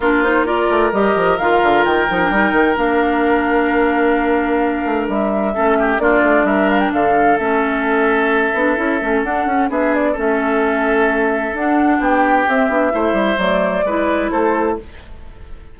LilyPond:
<<
  \new Staff \with { instrumentName = "flute" } { \time 4/4 \tempo 4 = 130 ais'8 c''8 d''4 dis''4 f''4 | g''2 f''2~ | f''2. e''4~ | e''4 d''4 e''8 f''16 g''16 f''4 |
e''1 | fis''4 e''8 d''8 e''2~ | e''4 fis''4 g''4 e''4~ | e''4 d''2 c''4 | }
  \new Staff \with { instrumentName = "oboe" } { \time 4/4 f'4 ais'2.~ | ais'1~ | ais'1 | a'8 g'8 f'4 ais'4 a'4~ |
a'1~ | a'4 gis'4 a'2~ | a'2 g'2 | c''2 b'4 a'4 | }
  \new Staff \with { instrumentName = "clarinet" } { \time 4/4 d'8 dis'8 f'4 g'4 f'4~ | f'8 dis'16 d'16 dis'4 d'2~ | d'1 | cis'4 d'2. |
cis'2~ cis'8 d'8 e'8 cis'8 | d'8 cis'8 d'4 cis'2~ | cis'4 d'2 c'8 d'8 | e'4 a4 e'2 | }
  \new Staff \with { instrumentName = "bassoon" } { \time 4/4 ais4. a8 g8 f8 dis8 d8 | dis8 f8 g8 dis8 ais2~ | ais2~ ais8 a8 g4 | a4 ais8 a8 g4 d4 |
a2~ a8 b8 cis'8 a8 | d'8 cis'8 b4 a2~ | a4 d'4 b4 c'8 b8 | a8 g8 fis4 gis4 a4 | }
>>